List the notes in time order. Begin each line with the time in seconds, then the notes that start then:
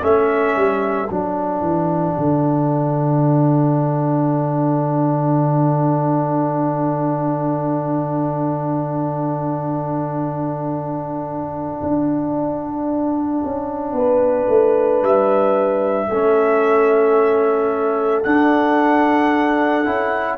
0.00 A3 C#4 A4 E5
0.56 G3
1.10 F#3 D4 F#5
1.61 E3
2.17 D3
11.83 D4
13.44 C#4
13.92 B3 B4
14.48 A3
15.02 G3 E5
16.08 A3 C#4 A4
18.23 D4 F#5
19.85 C#4 E4